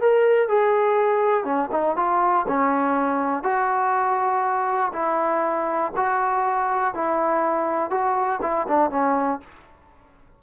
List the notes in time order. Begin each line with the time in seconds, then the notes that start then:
0.00 A#4
0.48 G#4
1.44 C#4
1.71 D#4
1.96 F4
2.48 C#4
3.43 F#4
4.92 E4
5.96 F#4
6.94 E4
7.90 F#4
8.42 E4
8.67 D4
8.90 C#4